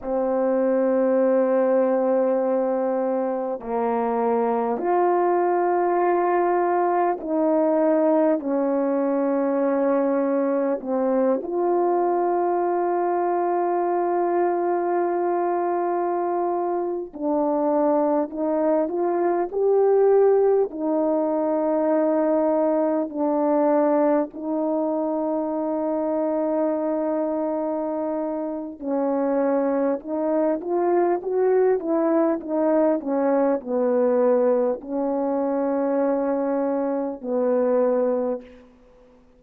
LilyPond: \new Staff \with { instrumentName = "horn" } { \time 4/4 \tempo 4 = 50 c'2. ais4 | f'2 dis'4 cis'4~ | cis'4 c'8 f'2~ f'8~ | f'2~ f'16 d'4 dis'8 f'16~ |
f'16 g'4 dis'2 d'8.~ | d'16 dis'2.~ dis'8. | cis'4 dis'8 f'8 fis'8 e'8 dis'8 cis'8 | b4 cis'2 b4 | }